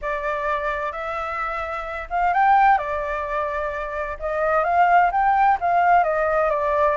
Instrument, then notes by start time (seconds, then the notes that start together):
flute
0.01 D5
0.92 E5
2.10 F5
2.33 G5
2.78 D5
4.19 D#5
4.64 F5
5.11 G5
5.60 F5
6.03 D#5
6.50 D5